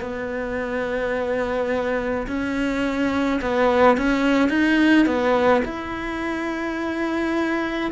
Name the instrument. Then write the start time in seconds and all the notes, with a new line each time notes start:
cello
0.00 B3
2.27 C#4
3.41 B3
3.97 C#4
4.49 D#4
5.06 B3
5.64 E4